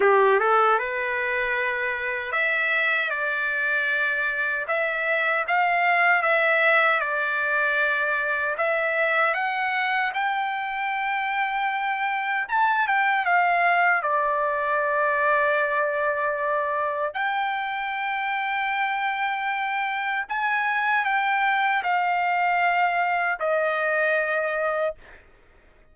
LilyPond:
\new Staff \with { instrumentName = "trumpet" } { \time 4/4 \tempo 4 = 77 g'8 a'8 b'2 e''4 | d''2 e''4 f''4 | e''4 d''2 e''4 | fis''4 g''2. |
a''8 g''8 f''4 d''2~ | d''2 g''2~ | g''2 gis''4 g''4 | f''2 dis''2 | }